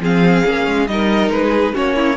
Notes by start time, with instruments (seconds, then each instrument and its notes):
0.00 cello F3, viola C4, violin G#4 F5
0.45 cello A#3, viola C#4
0.67 cello G#3
0.88 cello G3, viola D#4, violin A#4 D#5
1.29 cello G#3, violin B4
1.45 violin G#4
1.74 cello A#3, viola C#4, violin F#4 C#5
1.96 violin E4